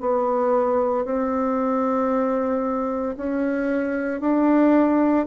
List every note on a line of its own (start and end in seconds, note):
0.00 1.05 B3
1.05 3.16 C4
3.17 4.21 C#4
4.21 5.26 D4